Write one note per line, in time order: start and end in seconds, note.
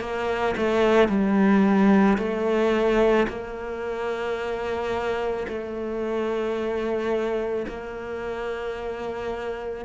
0.00 0.55 A#3
0.57 1.08 A3
1.08 2.17 G3
2.18 3.27 A3
3.28 5.46 A#3
5.47 7.66 A3
7.67 9.85 A#3